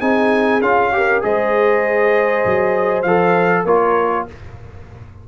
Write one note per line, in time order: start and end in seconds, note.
0.00 0.61 C4
0.00 0.61 D#4
0.00 0.91 G#4
0.00 0.61 G#5
0.61 1.21 C#4
0.61 0.92 F4
0.61 1.22 F5
0.92 1.22 G4
0.92 1.25 A#4
1.22 2.45 G#3
1.22 3.03 G#4
1.22 3.64 C5
1.22 3.02 D#5
2.45 3.03 F#3
3.02 3.64 F3
3.02 3.67 A4
3.02 3.63 F5
3.64 4.25 A#3
3.64 4.27 F4
3.64 4.25 A#4
3.64 4.26 C#5